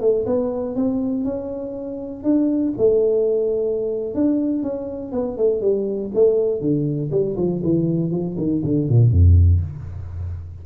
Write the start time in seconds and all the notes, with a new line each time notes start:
0.00 A3
0.25 B3
0.75 C4
1.24 C#4
2.23 D4
2.77 A3
4.14 D4
4.62 C#4
5.12 B3
5.37 A3
5.61 G3
6.14 A3
6.60 D3
7.11 G3
7.37 F3
7.63 E3
8.10 F3
8.37 D#3
8.64 D3
8.89 A#2
9.10 F2